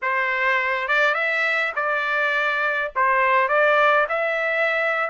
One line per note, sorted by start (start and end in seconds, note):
0.02 0.88 C5
0.88 1.14 D5
1.14 1.72 E5
1.75 2.92 D5
2.95 3.48 C5
3.48 4.06 D5
4.08 5.10 E5